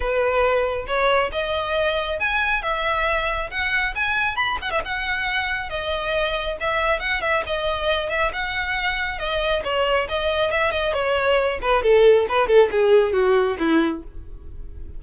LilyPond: \new Staff \with { instrumentName = "violin" } { \time 4/4 \tempo 4 = 137 b'2 cis''4 dis''4~ | dis''4 gis''4 e''2 | fis''4 gis''4 b''8 fis''16 e''16 fis''4~ | fis''4 dis''2 e''4 |
fis''8 e''8 dis''4. e''8 fis''4~ | fis''4 dis''4 cis''4 dis''4 | e''8 dis''8 cis''4. b'8 a'4 | b'8 a'8 gis'4 fis'4 e'4 | }